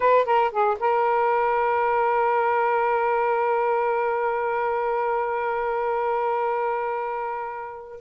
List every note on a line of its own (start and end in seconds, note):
0.00 0.25 B4
0.25 0.51 A#4
0.51 0.77 G#4
0.79 8.00 A#4